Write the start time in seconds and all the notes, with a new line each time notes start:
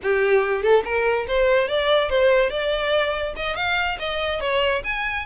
0.02 G4
0.62 A4
0.84 A#4
1.27 C5
1.67 D5
2.09 C5
2.50 D5
3.36 D#5
3.56 F5
3.99 D#5
4.40 C#5
4.84 G#5